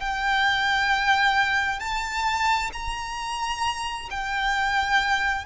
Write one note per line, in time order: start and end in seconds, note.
0.00 1.80 G5
1.80 2.71 A5
2.73 4.09 A#5
4.10 5.45 G5